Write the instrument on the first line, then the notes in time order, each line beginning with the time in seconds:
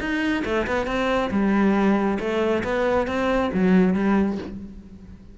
cello
0.00 D#4
0.45 A3
0.67 B3
0.86 C4
1.31 G3
2.20 A3
2.64 B3
3.07 C4
3.54 F#3
3.94 G3